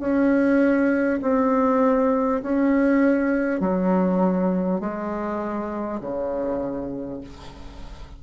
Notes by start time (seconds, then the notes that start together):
0.00 C#4
1.22 C4
2.43 C#4
3.61 F#3
4.81 G#3
6.01 C#3